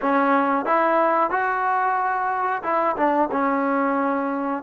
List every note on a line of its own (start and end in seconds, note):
0.01 0.65 C#4
0.65 1.30 E4
1.30 2.62 F#4
2.63 2.96 E4
2.96 3.29 D4
3.31 4.63 C#4